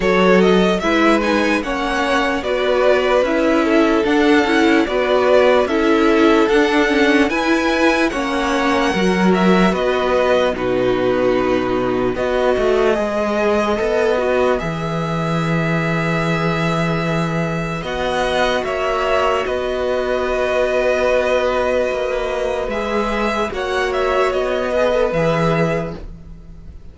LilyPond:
<<
  \new Staff \with { instrumentName = "violin" } { \time 4/4 \tempo 4 = 74 cis''8 dis''8 e''8 gis''8 fis''4 d''4 | e''4 fis''4 d''4 e''4 | fis''4 gis''4 fis''4. e''8 | dis''4 b'2 dis''4~ |
dis''2 e''2~ | e''2 fis''4 e''4 | dis''1 | e''4 fis''8 e''8 dis''4 e''4 | }
  \new Staff \with { instrumentName = "violin" } { \time 4/4 a'4 b'4 cis''4 b'4~ | b'8 a'4. b'4 a'4~ | a'4 b'4 cis''4 ais'4 | b'4 fis'2 b'4~ |
b'1~ | b'2 dis''4 cis''4 | b'1~ | b'4 cis''4. b'4. | }
  \new Staff \with { instrumentName = "viola" } { \time 4/4 fis'4 e'8 dis'8 cis'4 fis'4 | e'4 d'8 e'8 fis'4 e'4 | d'8 cis'8 e'4 cis'4 fis'4~ | fis'4 dis'2 fis'4 |
gis'4 a'8 fis'8 gis'2~ | gis'2 fis'2~ | fis'1 | gis'4 fis'4. gis'16 a'16 gis'4 | }
  \new Staff \with { instrumentName = "cello" } { \time 4/4 fis4 gis4 ais4 b4 | cis'4 d'8 cis'8 b4 cis'4 | d'4 e'4 ais4 fis4 | b4 b,2 b8 a8 |
gis4 b4 e2~ | e2 b4 ais4 | b2. ais4 | gis4 ais4 b4 e4 | }
>>